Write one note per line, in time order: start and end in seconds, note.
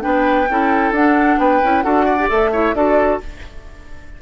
0.00 0.49 B3
0.00 0.45 D4
0.00 0.48 B4
0.00 0.92 G5
0.49 0.91 C#4
0.49 0.95 E4
0.49 1.39 A4
0.91 1.36 D4
0.91 1.63 D4
0.91 1.39 F#5
1.38 1.61 B3
1.38 1.84 B4
1.38 1.82 G5
1.63 1.84 C#4
1.63 1.83 E4
1.82 2.30 D4
1.82 2.17 F#4
1.82 2.05 A4
1.82 2.27 F#5
2.05 2.50 D5
2.19 2.29 G4
2.29 2.74 A3
2.29 2.51 A4
2.29 2.74 E5
2.52 2.75 E4
2.52 2.74 C#5
2.74 3.19 D4
2.74 3.20 F#4
2.74 3.21 A4
2.74 3.20 D5